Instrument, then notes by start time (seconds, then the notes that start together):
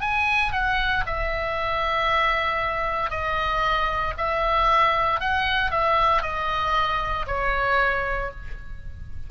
oboe
0.00 G#5
0.52 F#5
1.06 E5
3.10 D#5
4.17 E5
5.20 F#5
5.71 E5
6.22 D#5
7.27 C#5